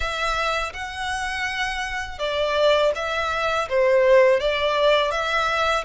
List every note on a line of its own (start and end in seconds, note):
0.00 0.73 E5
0.73 2.18 F#5
2.18 2.91 D5
2.95 3.68 E5
3.69 4.39 C5
4.39 5.11 D5
5.11 5.84 E5